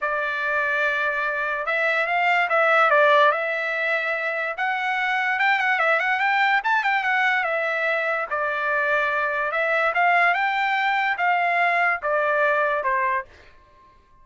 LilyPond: \new Staff \with { instrumentName = "trumpet" } { \time 4/4 \tempo 4 = 145 d''1 | e''4 f''4 e''4 d''4 | e''2. fis''4~ | fis''4 g''8 fis''8 e''8 fis''8 g''4 |
a''8 g''8 fis''4 e''2 | d''2. e''4 | f''4 g''2 f''4~ | f''4 d''2 c''4 | }